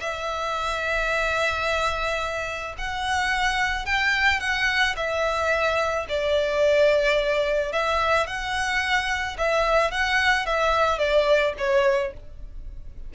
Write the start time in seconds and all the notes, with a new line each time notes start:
0.00 E5
2.78 F#5
3.85 G5
4.40 F#5
4.96 E5
6.09 D5
7.72 E5
8.26 F#5
9.38 E5
9.91 F#5
10.46 E5
10.98 D5
11.58 C#5